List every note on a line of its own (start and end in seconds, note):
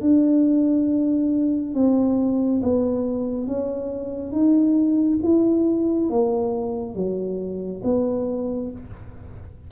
0.00 1.74 D4
1.74 2.61 C4
2.62 3.47 B3
3.47 4.31 C#4
4.31 5.18 D#4
5.23 6.09 E4
6.09 6.94 A#3
6.94 7.81 F#3
7.83 8.70 B3